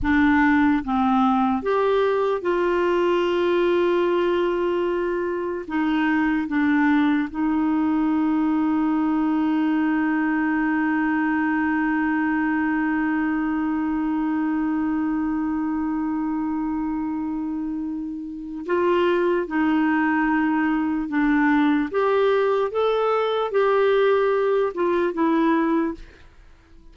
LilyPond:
\new Staff \with { instrumentName = "clarinet" } { \time 4/4 \tempo 4 = 74 d'4 c'4 g'4 f'4~ | f'2. dis'4 | d'4 dis'2.~ | dis'1~ |
dis'1~ | dis'2. f'4 | dis'2 d'4 g'4 | a'4 g'4. f'8 e'4 | }